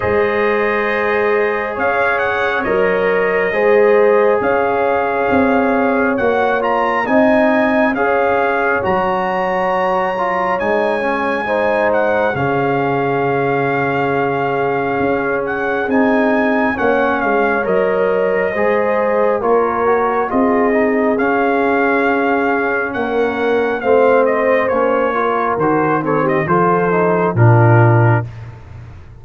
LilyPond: <<
  \new Staff \with { instrumentName = "trumpet" } { \time 4/4 \tempo 4 = 68 dis''2 f''8 fis''8 dis''4~ | dis''4 f''2 fis''8 ais''8 | gis''4 f''4 ais''2 | gis''4. fis''8 f''2~ |
f''4. fis''8 gis''4 fis''8 f''8 | dis''2 cis''4 dis''4 | f''2 fis''4 f''8 dis''8 | cis''4 c''8 cis''16 dis''16 c''4 ais'4 | }
  \new Staff \with { instrumentName = "horn" } { \time 4/4 c''2 cis''2 | c''4 cis''2. | dis''4 cis''2.~ | cis''4 c''4 gis'2~ |
gis'2. cis''4~ | cis''4 c''4 ais'4 gis'4~ | gis'2 ais'4 c''4~ | c''8 ais'4 a'16 g'16 a'4 f'4 | }
  \new Staff \with { instrumentName = "trombone" } { \time 4/4 gis'2. ais'4 | gis'2. fis'8 f'8 | dis'4 gis'4 fis'4. f'8 | dis'8 cis'8 dis'4 cis'2~ |
cis'2 dis'4 cis'4 | ais'4 gis'4 f'8 fis'8 f'8 dis'8 | cis'2. c'4 | cis'8 f'8 fis'8 c'8 f'8 dis'8 d'4 | }
  \new Staff \with { instrumentName = "tuba" } { \time 4/4 gis2 cis'4 fis4 | gis4 cis'4 c'4 ais4 | c'4 cis'4 fis2 | gis2 cis2~ |
cis4 cis'4 c'4 ais8 gis8 | fis4 gis4 ais4 c'4 | cis'2 ais4 a4 | ais4 dis4 f4 ais,4 | }
>>